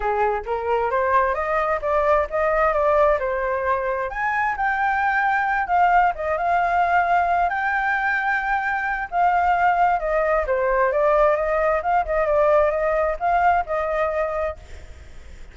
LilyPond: \new Staff \with { instrumentName = "flute" } { \time 4/4 \tempo 4 = 132 gis'4 ais'4 c''4 dis''4 | d''4 dis''4 d''4 c''4~ | c''4 gis''4 g''2~ | g''8 f''4 dis''8 f''2~ |
f''8 g''2.~ g''8 | f''2 dis''4 c''4 | d''4 dis''4 f''8 dis''8 d''4 | dis''4 f''4 dis''2 | }